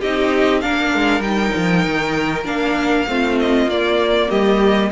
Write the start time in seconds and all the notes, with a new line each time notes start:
0.00 C4 D#4 G4 D#5
0.61 A#3 D4 A#4 F5
0.95 G#3
1.20 G3 D#4 G5
1.56 F3
1.86 D#3
2.45 A#3 D4 F5
3.08 A3 C4 F4
3.40 D#5
3.67 A#3 D5
4.29 G3 G4 D#5